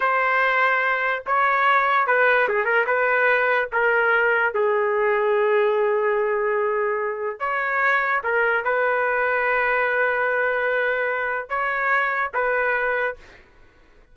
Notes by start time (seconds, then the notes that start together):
0.00 C5
1.26 C#5
2.06 B4
2.48 G#4
2.64 A#4
2.86 B4
3.72 A#4
4.54 G#4
7.39 C#5
8.23 A#4
8.64 B4
11.49 C#5
12.34 B4